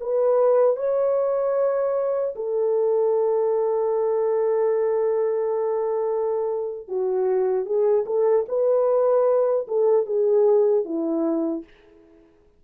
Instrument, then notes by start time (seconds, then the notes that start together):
horn
0.00 B4
0.76 C#5
2.35 A4
6.88 F#4
7.65 G#4
8.06 A4
8.48 B4
9.67 A4
10.06 G#4
10.84 E4